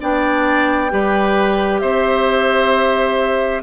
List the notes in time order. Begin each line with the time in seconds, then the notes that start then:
0.00 B3 D4 D5 G5
0.90 G3 G4 B4
1.80 C4 C5 E5